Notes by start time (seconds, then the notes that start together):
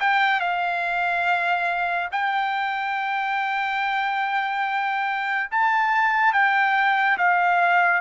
0.00 G5
0.40 F5
2.11 G5
5.51 A5
6.33 G5
7.18 F5